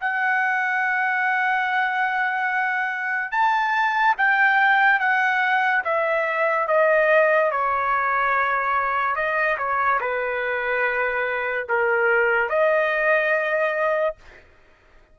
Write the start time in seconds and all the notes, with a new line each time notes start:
0.00 F#5
3.31 A5
4.17 G5
4.99 F#5
5.84 E5
6.67 D#5
7.51 C#5
9.15 D#5
9.58 C#5
10.00 B4
11.68 A#4
12.49 D#5